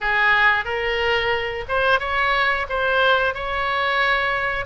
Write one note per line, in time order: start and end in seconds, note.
0.01 0.65 G#4
0.65 1.65 A#4
1.68 1.99 C5
1.99 2.66 C#5
2.68 3.34 C5
3.34 4.65 C#5